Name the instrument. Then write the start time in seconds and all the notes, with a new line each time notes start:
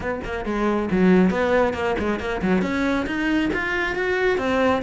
cello
0.00 B3
0.24 A#3
0.45 G#3
0.91 F#3
1.30 B3
1.73 A#3
1.98 G#3
2.19 A#3
2.42 F#3
2.62 C#4
3.06 D#4
3.53 F4
3.95 F#4
4.38 C4